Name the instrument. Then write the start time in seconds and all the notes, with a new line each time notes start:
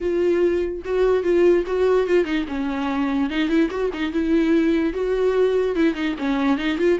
viola
0.00 F4
0.84 F#4
1.23 F4
1.66 F#4
2.06 F4
2.24 D#4
2.48 C#4
3.30 D#4
3.48 E4
3.70 F#4
3.93 D#4
4.12 E4
4.93 F#4
5.75 E4
5.94 D#4
6.18 C#4
6.57 D#4
6.78 F4